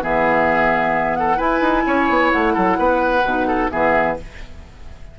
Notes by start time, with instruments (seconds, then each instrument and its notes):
0.00 bassoon E3, clarinet B3, oboe G#4, flute E5
1.15 oboe A4, flute F#5
1.36 clarinet E4, bassoon E4, oboe B4, flute G#5
1.61 bassoon D#4
1.86 bassoon C#4, oboe C#5
2.09 bassoon B3
2.32 bassoon A3, flute F#5
2.53 bassoon F#3, oboe A4
2.78 bassoon B3, oboe B4
3.23 bassoon B2, clarinet D#4
3.47 oboe A4
3.70 bassoon E3, clarinet B3, oboe G#4, flute E5